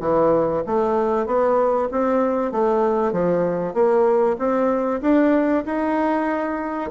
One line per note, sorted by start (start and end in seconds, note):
0.00 0.62 E3
0.66 1.26 A3
1.26 1.89 B3
1.91 2.51 C4
2.51 3.12 A3
3.12 3.74 F3
3.74 4.36 A#3
4.38 5.01 C4
5.01 5.64 D4
5.65 6.90 D#4